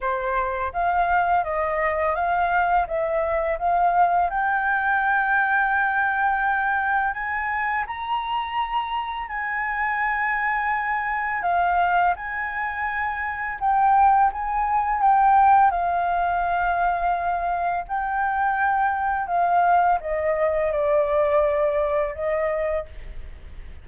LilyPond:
\new Staff \with { instrumentName = "flute" } { \time 4/4 \tempo 4 = 84 c''4 f''4 dis''4 f''4 | e''4 f''4 g''2~ | g''2 gis''4 ais''4~ | ais''4 gis''2. |
f''4 gis''2 g''4 | gis''4 g''4 f''2~ | f''4 g''2 f''4 | dis''4 d''2 dis''4 | }